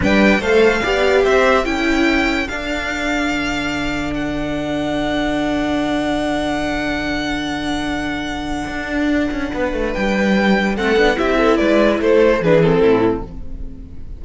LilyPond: <<
  \new Staff \with { instrumentName = "violin" } { \time 4/4 \tempo 4 = 145 g''4 f''2 e''4 | g''2 f''2~ | f''2 fis''2~ | fis''1~ |
fis''1~ | fis''1 | g''2 fis''4 e''4 | d''4 c''4 b'8 a'4. | }
  \new Staff \with { instrumentName = "violin" } { \time 4/4 b'4 c''4 d''4 c''4 | a'1~ | a'1~ | a'1~ |
a'1~ | a'2. b'4~ | b'2 a'4 g'8 a'8 | b'4 a'4 gis'4 e'4 | }
  \new Staff \with { instrumentName = "viola" } { \time 4/4 d'4 a'4 g'2 | e'2 d'2~ | d'1~ | d'1~ |
d'1~ | d'1~ | d'2 c'8 d'8 e'4~ | e'2 d'8 c'4. | }
  \new Staff \with { instrumentName = "cello" } { \time 4/4 g4 a4 b4 c'4 | cis'2 d'2 | d1~ | d1~ |
d1~ | d4 d'4. cis'8 b8 a8 | g2 a8 b8 c'4 | gis4 a4 e4 a,4 | }
>>